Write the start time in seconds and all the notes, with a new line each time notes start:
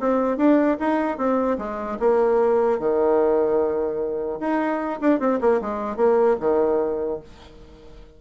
0.00 C4
0.37 D4
0.79 D#4
1.17 C4
1.58 G#3
2.00 A#3
2.79 D#3
4.40 D#4
5.01 D4
5.19 C4
5.41 A#3
5.61 G#3
5.97 A#3
6.40 D#3